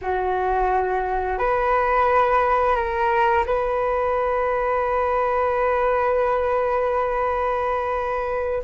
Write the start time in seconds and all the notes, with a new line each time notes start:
0.01 F#4
1.38 B4
2.75 A#4
3.45 B4